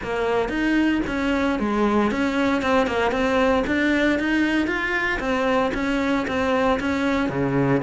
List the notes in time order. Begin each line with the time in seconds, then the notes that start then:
0.03 A#3
0.48 D#4
1.06 C#4
1.59 G#3
2.11 C#4
2.62 C4
2.86 A#3
3.11 C4
3.66 D4
4.19 D#4
4.67 F4
5.19 C4
5.74 C#4
6.27 C4
6.80 C#4
7.29 C#3